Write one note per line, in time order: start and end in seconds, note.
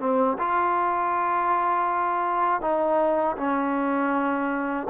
0.00 0.38 C4
0.39 2.62 F4
2.62 3.37 D#4
3.38 4.88 C#4